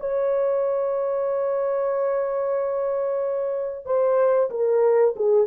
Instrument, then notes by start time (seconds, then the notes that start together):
horn
0.00 C#5
3.86 C5
4.50 A#4
5.16 G#4